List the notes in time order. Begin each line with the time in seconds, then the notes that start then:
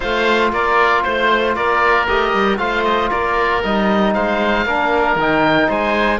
0.00 A3 F4 C5 F5
0.52 A#3 A#4 D5
1.02 A3 C5
1.55 A#3 A#4 D5
2.07 A3 G4 D#5
2.33 G3
2.57 A3 F4 C5 F5
2.84 D#5
3.10 A#3 A#4 D5
3.62 G3 D#4 D#5
4.13 G#3 C5 F5
4.65 A#3 D4 A#4
5.15 D#3 D#4 G5
5.68 G#3 C5 G#5